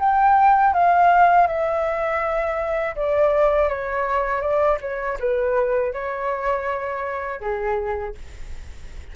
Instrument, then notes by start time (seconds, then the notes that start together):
flute
0.00 G5
0.74 F5
1.47 E5
2.96 D5
3.69 C#5
4.41 D5
4.81 C#5
5.20 B4
5.93 C#5
7.41 G#4